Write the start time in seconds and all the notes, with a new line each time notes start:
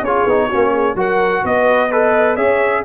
0.00 C#4 G#4 C#5
0.06 F4
0.26 B3 D#4
0.48 C#4 F#4
0.54 A#3
0.72 G#4
0.95 F#3 F#4 A#4 F#5
1.44 B3 B4 D#5
1.90 A4 B4 D#5
2.36 C#4 G#4 C#5 E5